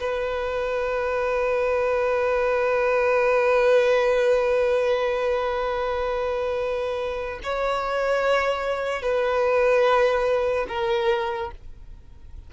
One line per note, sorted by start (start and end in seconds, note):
0.00 7.40 B4
7.43 9.02 C#5
9.02 10.66 B4
10.68 11.51 A#4